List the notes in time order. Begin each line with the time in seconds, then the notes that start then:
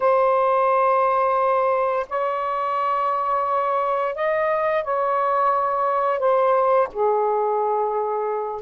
0.00 C5
2.09 C#5
4.15 D#5
4.84 C#5
6.19 C5
6.92 G#4